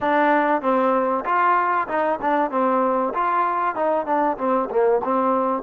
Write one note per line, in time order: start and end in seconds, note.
0.01 0.61 D4
0.61 1.24 C4
1.25 1.88 F4
1.88 2.19 D#4
2.21 2.50 D4
2.50 3.13 C4
3.13 3.75 F4
3.75 4.05 D#4
4.05 4.37 D4
4.38 4.69 C4
4.70 5.01 A#3
5.03 5.62 C4